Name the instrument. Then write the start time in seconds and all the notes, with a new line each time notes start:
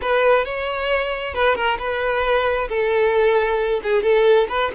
violin
0.01 B4
0.44 C#5
1.34 B4
1.55 A#4
1.78 B4
2.68 A4
3.83 G#4
4.02 A4
4.49 B4